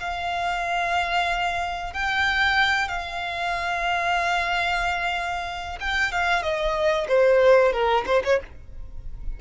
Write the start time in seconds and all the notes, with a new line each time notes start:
0.00 F5
1.94 G5
2.89 F5
5.80 G5
6.12 F5
6.43 D#5
7.08 C5
7.73 A#4
8.06 C5
8.24 C#5